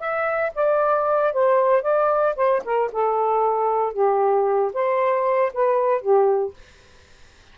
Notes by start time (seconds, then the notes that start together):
0.00 E5
0.56 D5
1.33 C5
1.83 D5
2.36 C5
2.65 A#4
2.93 A4
3.93 G4
4.74 C5
5.54 B4
6.02 G4